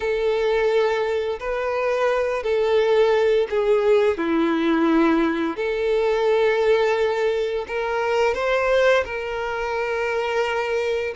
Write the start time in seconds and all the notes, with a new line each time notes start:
0.00 A4
1.39 B4
2.43 A4
3.49 G#4
4.17 E4
5.56 A4
7.67 A#4
8.34 C5
9.04 A#4